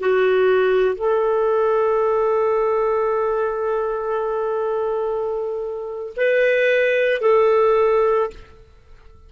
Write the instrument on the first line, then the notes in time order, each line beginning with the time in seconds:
clarinet
0.00 F#4
0.95 A4
6.16 B4
7.21 A4